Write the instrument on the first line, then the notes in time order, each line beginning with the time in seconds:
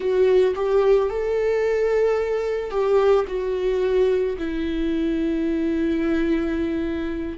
viola
0.00 F#4
0.55 G4
1.09 A4
2.70 G4
3.27 F#4
4.37 E4